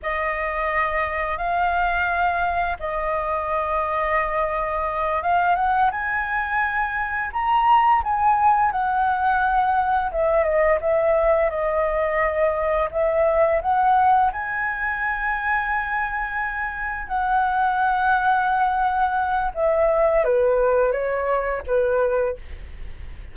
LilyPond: \new Staff \with { instrumentName = "flute" } { \time 4/4 \tempo 4 = 86 dis''2 f''2 | dis''2.~ dis''8 f''8 | fis''8 gis''2 ais''4 gis''8~ | gis''8 fis''2 e''8 dis''8 e''8~ |
e''8 dis''2 e''4 fis''8~ | fis''8 gis''2.~ gis''8~ | gis''8 fis''2.~ fis''8 | e''4 b'4 cis''4 b'4 | }